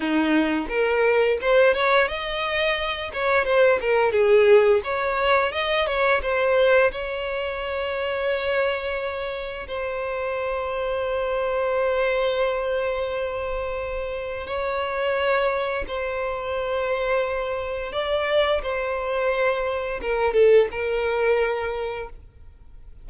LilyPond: \new Staff \with { instrumentName = "violin" } { \time 4/4 \tempo 4 = 87 dis'4 ais'4 c''8 cis''8 dis''4~ | dis''8 cis''8 c''8 ais'8 gis'4 cis''4 | dis''8 cis''8 c''4 cis''2~ | cis''2 c''2~ |
c''1~ | c''4 cis''2 c''4~ | c''2 d''4 c''4~ | c''4 ais'8 a'8 ais'2 | }